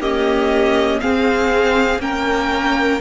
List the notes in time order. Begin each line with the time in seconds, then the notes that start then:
0.00 A#3 C#4 G4 D#5
1.00 C4 G#4 F5
1.99 A#3 C#4 A#4 G5